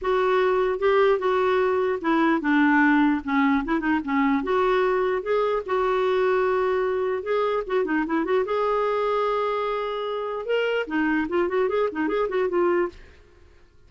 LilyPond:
\new Staff \with { instrumentName = "clarinet" } { \time 4/4 \tempo 4 = 149 fis'2 g'4 fis'4~ | fis'4 e'4 d'2 | cis'4 e'8 dis'8 cis'4 fis'4~ | fis'4 gis'4 fis'2~ |
fis'2 gis'4 fis'8 dis'8 | e'8 fis'8 gis'2.~ | gis'2 ais'4 dis'4 | f'8 fis'8 gis'8 dis'8 gis'8 fis'8 f'4 | }